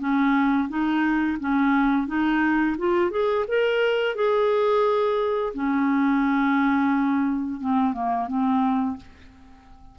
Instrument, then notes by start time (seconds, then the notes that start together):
clarinet
0.00 C#4
0.69 D#4
1.41 C#4
2.08 D#4
2.79 F4
3.11 G#4
3.49 A#4
4.16 G#4
5.55 C#4
7.61 C4
7.94 A#3
8.28 C4